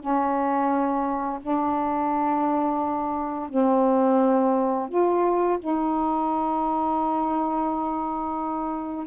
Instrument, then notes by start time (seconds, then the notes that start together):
saxophone
0.00 C#4
1.41 D4
3.49 C4
4.89 F4
5.59 D#4